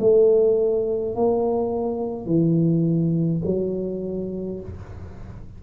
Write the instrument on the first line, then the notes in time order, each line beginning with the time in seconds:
tuba
0.00 A3
1.15 A#3
2.27 E3
3.46 F#3